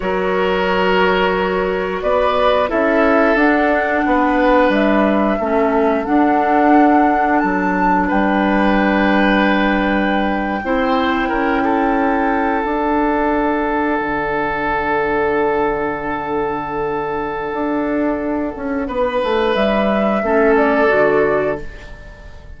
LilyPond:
<<
  \new Staff \with { instrumentName = "flute" } { \time 4/4 \tempo 4 = 89 cis''2. d''4 | e''4 fis''2 e''4~ | e''4 fis''2 a''4 | g''1~ |
g''2~ g''8. fis''4~ fis''16~ | fis''1~ | fis''1~ | fis''4 e''4. d''4. | }
  \new Staff \with { instrumentName = "oboe" } { \time 4/4 ais'2. b'4 | a'2 b'2 | a'1 | b'2.~ b'8. c''16~ |
c''8. ais'8 a'2~ a'8.~ | a'1~ | a'1 | b'2 a'2 | }
  \new Staff \with { instrumentName = "clarinet" } { \time 4/4 fis'1 | e'4 d'2. | cis'4 d'2.~ | d'2.~ d'8. e'16~ |
e'2~ e'8. d'4~ d'16~ | d'1~ | d'1~ | d'2 cis'4 fis'4 | }
  \new Staff \with { instrumentName = "bassoon" } { \time 4/4 fis2. b4 | cis'4 d'4 b4 g4 | a4 d'2 fis4 | g2.~ g8. c'16~ |
c'8. cis'2 d'4~ d'16~ | d'8. d2.~ d16~ | d2 d'4. cis'8 | b8 a8 g4 a4 d4 | }
>>